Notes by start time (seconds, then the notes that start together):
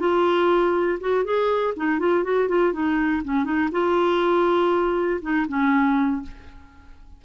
0.00 F4
1.01 F#4
1.25 G#4
1.76 D#4
1.99 F4
2.24 F#4
2.49 F4
2.73 D#4
3.24 C#4
3.45 D#4
3.72 F4
5.22 D#4
5.48 C#4